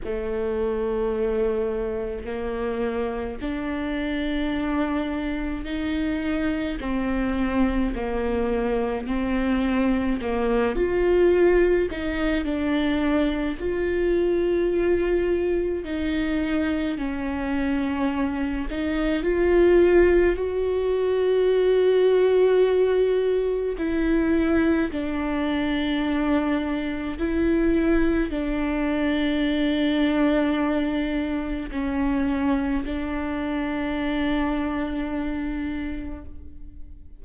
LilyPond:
\new Staff \with { instrumentName = "viola" } { \time 4/4 \tempo 4 = 53 a2 ais4 d'4~ | d'4 dis'4 c'4 ais4 | c'4 ais8 f'4 dis'8 d'4 | f'2 dis'4 cis'4~ |
cis'8 dis'8 f'4 fis'2~ | fis'4 e'4 d'2 | e'4 d'2. | cis'4 d'2. | }